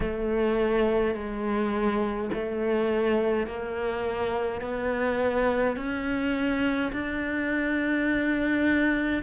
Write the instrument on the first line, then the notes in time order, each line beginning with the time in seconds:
cello
0.00 A3
1.14 G#3
2.33 A3
3.46 A#3
4.61 B3
5.76 C#4
6.92 D4